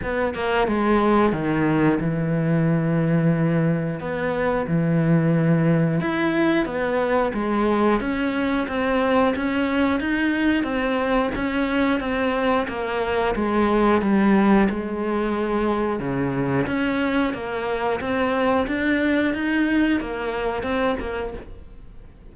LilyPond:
\new Staff \with { instrumentName = "cello" } { \time 4/4 \tempo 4 = 90 b8 ais8 gis4 dis4 e4~ | e2 b4 e4~ | e4 e'4 b4 gis4 | cis'4 c'4 cis'4 dis'4 |
c'4 cis'4 c'4 ais4 | gis4 g4 gis2 | cis4 cis'4 ais4 c'4 | d'4 dis'4 ais4 c'8 ais8 | }